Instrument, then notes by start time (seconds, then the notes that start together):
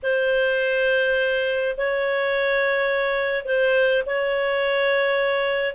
clarinet
0.02 C5
1.77 C#5
3.45 C5
4.06 C#5